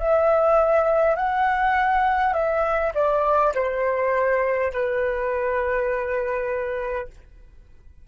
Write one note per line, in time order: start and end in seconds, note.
0.00 1.16 E5
1.16 2.34 F#5
2.34 2.93 E5
2.95 3.53 D5
3.55 4.73 C5
4.73 7.08 B4